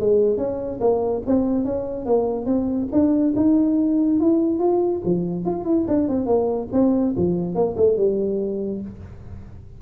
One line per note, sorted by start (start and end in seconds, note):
0.00 0.37 G#3
0.37 0.80 C#4
0.80 1.23 A#3
1.26 1.65 C4
1.65 2.06 C#4
2.06 2.46 A#3
2.46 2.88 C4
2.92 3.34 D4
3.36 4.20 D#4
4.20 4.59 E4
4.59 5.01 F4
5.05 5.45 F3
5.45 5.65 F4
5.65 5.86 E4
5.88 6.08 D4
6.08 6.26 C4
6.26 6.68 A#3
6.73 7.15 C4
7.17 7.55 F3
7.55 7.76 A#3
7.77 7.97 A3
7.97 8.81 G3